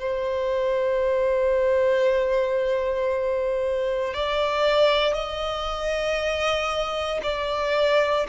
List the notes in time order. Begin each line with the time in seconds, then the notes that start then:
0.00 C5
4.14 D5
5.14 D#5
7.24 D5